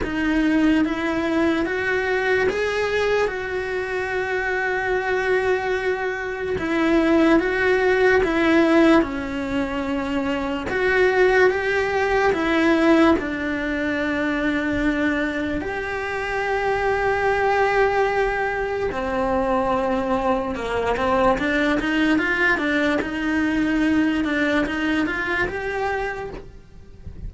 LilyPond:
\new Staff \with { instrumentName = "cello" } { \time 4/4 \tempo 4 = 73 dis'4 e'4 fis'4 gis'4 | fis'1 | e'4 fis'4 e'4 cis'4~ | cis'4 fis'4 g'4 e'4 |
d'2. g'4~ | g'2. c'4~ | c'4 ais8 c'8 d'8 dis'8 f'8 d'8 | dis'4. d'8 dis'8 f'8 g'4 | }